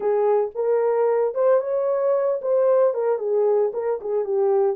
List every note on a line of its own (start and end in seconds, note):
0.00 0.50 G#4
0.54 1.34 A#4
1.34 1.60 C5
1.60 2.40 C#5
2.41 2.93 C5
2.93 3.18 A#4
3.18 3.71 G#4
3.73 3.99 A#4
4.00 4.25 G#4
4.25 4.76 G4